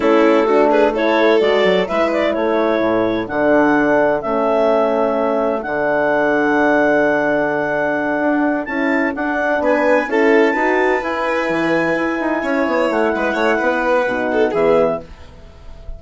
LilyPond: <<
  \new Staff \with { instrumentName = "clarinet" } { \time 4/4 \tempo 4 = 128 a'4. b'8 cis''4 d''4 | e''8 d''8 cis''2 fis''4~ | fis''4 e''2. | fis''1~ |
fis''2~ fis''8 a''4 fis''8~ | fis''8 gis''4 a''2 gis''8~ | gis''2.~ gis''8 fis''8~ | fis''2. e''4 | }
  \new Staff \with { instrumentName = "violin" } { \time 4/4 e'4 fis'8 gis'8 a'2 | b'4 a'2.~ | a'1~ | a'1~ |
a'1~ | a'8 b'4 a'4 b'4.~ | b'2~ b'8 cis''4. | b'8 cis''8 b'4. a'8 gis'4 | }
  \new Staff \with { instrumentName = "horn" } { \time 4/4 cis'4 d'4 e'4 fis'4 | e'2. d'4~ | d'4 cis'2. | d'1~ |
d'2~ d'8 e'4 d'8~ | d'4. e'4 fis'4 e'8~ | e'1~ | e'2 dis'4 b4 | }
  \new Staff \with { instrumentName = "bassoon" } { \time 4/4 a2. gis8 fis8 | gis4 a4 a,4 d4~ | d4 a2. | d1~ |
d4. d'4 cis'4 d'8~ | d'8 b4 cis'4 dis'4 e'8~ | e'8 e4 e'8 dis'8 cis'8 b8 a8 | gis8 a8 b4 b,4 e4 | }
>>